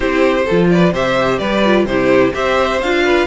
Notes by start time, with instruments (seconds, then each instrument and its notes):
0.00 cello C4, viola E4, violin G4 C5
0.45 cello F3, viola F4, violin A4
0.69 violin B4 D5
0.92 cello C3, viola G4, violin C5 E5
1.38 cello G3, violin B4 D5
1.64 viola F4
1.85 cello C3, viola E4, violin G4 C5
2.32 cello C4, viola G4, violin C5 E5
2.81 cello D4, viola F4, violin F5
3.04 violin B4